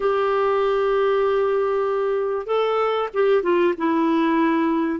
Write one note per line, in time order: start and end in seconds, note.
0.00 2.46 G4
2.46 3.09 A4
3.13 3.42 G4
3.42 3.74 F4
3.77 4.99 E4